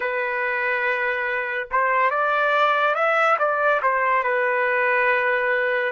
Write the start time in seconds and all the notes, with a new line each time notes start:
0.00 B4
1.71 C5
2.10 D5
2.94 E5
3.38 D5
3.82 C5
4.23 B4